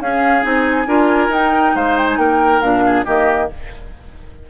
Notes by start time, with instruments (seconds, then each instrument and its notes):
0.00 bassoon C#4, clarinet C#4, oboe G#4, flute F5
0.42 bassoon C4, clarinet D#4, flute G#5
0.86 bassoon D4, clarinet F4, oboe A#4
1.28 bassoon D#4, clarinet D#4, flute G5
1.75 bassoon G#3, oboe C5, flute F5
1.97 flute G5
2.09 flute G#5
2.17 bassoon A#3, oboe A#4, flute G5
2.61 bassoon A#2, clarinet D4, flute F5
2.86 oboe G#4
3.05 bassoon D#3, clarinet A#3, oboe G4, flute D#5